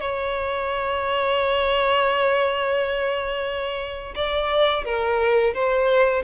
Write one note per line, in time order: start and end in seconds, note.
0.00 4.14 C#5
4.15 4.84 D5
4.84 5.53 A#4
5.54 6.23 C5